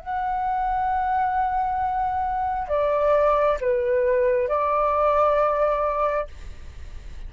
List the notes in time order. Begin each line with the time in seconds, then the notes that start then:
0.00 F#5
2.69 D5
3.61 B4
4.49 D5